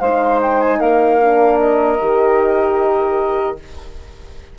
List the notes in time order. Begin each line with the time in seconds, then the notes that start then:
0.00 G#3 D#4 C5 F5
0.42 G5
0.61 G#5
0.79 A#3 A#4 F5
1.21 D4
1.59 D#5
2.00 D#3 G4